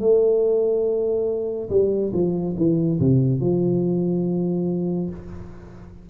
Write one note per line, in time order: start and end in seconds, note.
0.00 1.69 A3
1.70 2.12 G3
2.13 2.55 F3
2.57 2.99 E3
3.00 3.40 C3
3.40 5.09 F3